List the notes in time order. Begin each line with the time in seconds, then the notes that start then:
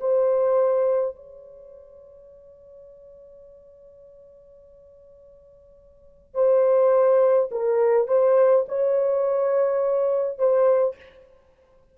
0.00 C5
1.16 C#5
6.34 C5
7.51 A#4
8.08 C5
8.69 C#5
10.38 C5